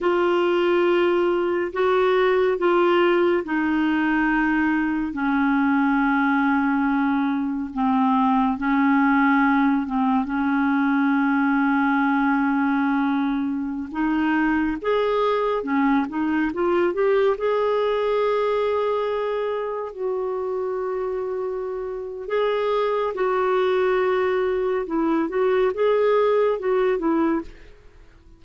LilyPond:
\new Staff \with { instrumentName = "clarinet" } { \time 4/4 \tempo 4 = 70 f'2 fis'4 f'4 | dis'2 cis'2~ | cis'4 c'4 cis'4. c'8 | cis'1~ |
cis'16 dis'4 gis'4 cis'8 dis'8 f'8 g'16~ | g'16 gis'2. fis'8.~ | fis'2 gis'4 fis'4~ | fis'4 e'8 fis'8 gis'4 fis'8 e'8 | }